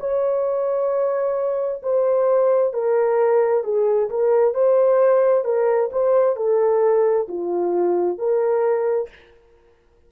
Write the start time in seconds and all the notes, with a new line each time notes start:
0.00 C#5
1.83 C5
2.74 A#4
3.64 G#4
4.10 A#4
4.55 C5
5.45 A#4
5.92 C5
6.36 A4
7.29 F4
8.18 A#4